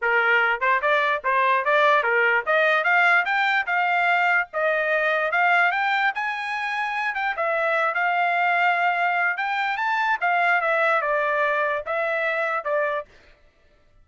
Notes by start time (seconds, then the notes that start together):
0.01 A#4
0.60 C5
0.81 D5
1.24 C5
1.65 D5
2.03 A#4
2.46 D#5
2.84 F5
3.25 G5
3.66 F5
4.53 D#5
5.31 F5
5.71 G5
6.14 G#5
7.14 G5
7.36 E5
7.94 F5
9.37 G5
9.77 A5
10.20 F5
10.61 E5
11.01 D5
11.86 E5
12.64 D5